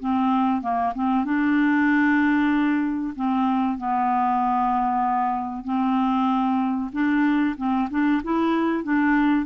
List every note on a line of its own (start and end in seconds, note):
0.00 0.62 C4
0.62 0.93 A#3
0.95 1.25 C4
1.25 3.14 D4
3.16 3.78 C4
3.78 5.65 B3
5.65 6.91 C4
6.93 7.56 D4
7.57 7.89 C4
7.91 8.22 D4
8.24 8.84 E4
8.84 9.46 D4